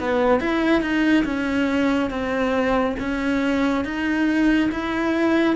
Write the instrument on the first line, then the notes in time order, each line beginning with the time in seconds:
cello
0.00 B3
0.40 E4
0.81 D#4
1.25 C#4
2.10 C4
3.00 C#4
3.85 D#4
4.71 E4